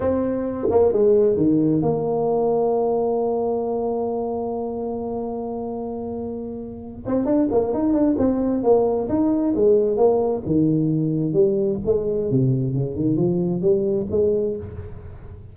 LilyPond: \new Staff \with { instrumentName = "tuba" } { \time 4/4 \tempo 4 = 132 c'4. ais8 gis4 dis4 | ais1~ | ais1~ | ais2.~ ais8 c'8 |
d'8 ais8 dis'8 d'8 c'4 ais4 | dis'4 gis4 ais4 dis4~ | dis4 g4 gis4 c4 | cis8 dis8 f4 g4 gis4 | }